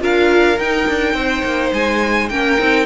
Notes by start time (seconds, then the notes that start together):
0.00 D4 F4 A#4 F5
0.59 D#4 G5
0.89 D4
1.14 C4 C5
1.44 A#3
1.73 G#3 G#5
2.29 A#3 C#4 A#4 G5
2.59 C4 D#4